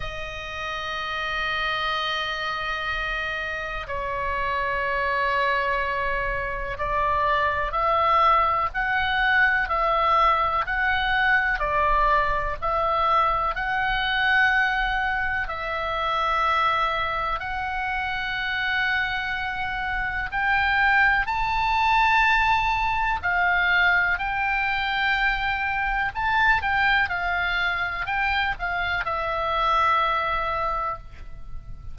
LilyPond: \new Staff \with { instrumentName = "oboe" } { \time 4/4 \tempo 4 = 62 dis''1 | cis''2. d''4 | e''4 fis''4 e''4 fis''4 | d''4 e''4 fis''2 |
e''2 fis''2~ | fis''4 g''4 a''2 | f''4 g''2 a''8 g''8 | f''4 g''8 f''8 e''2 | }